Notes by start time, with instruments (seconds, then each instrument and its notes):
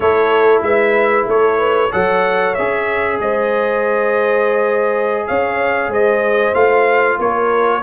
0.00 tuba A3, trombone E4, horn A4, trumpet C#5
0.62 tuba G#3, horn B4, trumpet E5
1.27 tuba A3, horn A4, trumpet C#5
1.58 horn B4
1.91 tuba F#3, trombone A4, horn C#5, trumpet F#5
2.54 tuba C#4, trombone G#4, trumpet E5
3.19 tuba G#3, horn C5, trumpet D#5
5.27 tuba C#4, horn C#5, trumpet F5
5.88 tuba G#3, horn C5, trumpet D#5
6.54 tuba A3, trombone F4, trumpet F5
7.18 tuba A#3, horn A#4, trumpet C#5